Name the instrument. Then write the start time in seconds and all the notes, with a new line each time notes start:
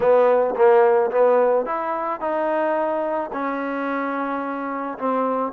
trombone
0.00 B3
0.55 A#3
1.11 B3
1.65 E4
2.20 D#4
3.33 C#4
4.98 C4